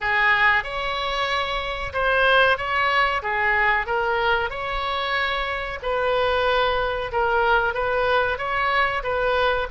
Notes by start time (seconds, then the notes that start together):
0.00 G#4
0.63 C#5
1.93 C5
2.57 C#5
3.22 G#4
3.86 A#4
4.50 C#5
5.82 B4
7.11 A#4
7.74 B4
8.38 C#5
9.03 B4